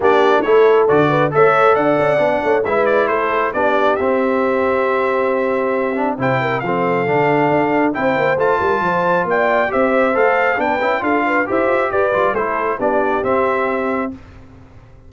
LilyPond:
<<
  \new Staff \with { instrumentName = "trumpet" } { \time 4/4 \tempo 4 = 136 d''4 cis''4 d''4 e''4 | fis''2 e''8 d''8 c''4 | d''4 e''2.~ | e''2 g''4 f''4~ |
f''2 g''4 a''4~ | a''4 g''4 e''4 f''4 | g''4 f''4 e''4 d''4 | c''4 d''4 e''2 | }
  \new Staff \with { instrumentName = "horn" } { \time 4/4 g'4 a'4. b'8 cis''4 | d''4. cis''8 b'4 a'4 | g'1~ | g'2 c''8 ais'8 a'4~ |
a'2 c''4. ais'8 | c''4 d''4 c''2 | b'4 a'8 b'8 c''4 b'4 | a'4 g'2. | }
  \new Staff \with { instrumentName = "trombone" } { \time 4/4 d'4 e'4 fis'4 a'4~ | a'4 d'4 e'2 | d'4 c'2.~ | c'4. d'8 e'4 c'4 |
d'2 e'4 f'4~ | f'2 g'4 a'4 | d'8 e'8 f'4 g'4. f'8 | e'4 d'4 c'2 | }
  \new Staff \with { instrumentName = "tuba" } { \time 4/4 ais4 a4 d4 a4 | d'8 cis'8 b8 a8 gis4 a4 | b4 c'2.~ | c'2 c4 f4 |
d4 d'4 c'8 ais8 a8 g8 | f4 ais4 c'4 a4 | b8 cis'8 d'4 e'8 f'8 g'8 g8 | a4 b4 c'2 | }
>>